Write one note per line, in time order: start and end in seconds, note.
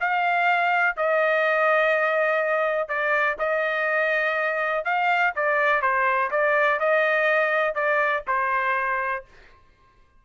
0.00 0.96 F5
0.96 2.88 D#5
2.88 3.37 D5
3.38 4.84 D#5
4.84 5.33 F5
5.35 5.81 D5
5.81 6.30 C5
6.30 6.79 D5
6.79 7.74 D#5
7.74 8.23 D5
8.27 9.25 C5